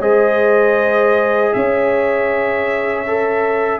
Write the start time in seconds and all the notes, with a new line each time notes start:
0.00 G#3 G#4 C5 D#5
1.53 C#4 C#5 E5
3.07 A4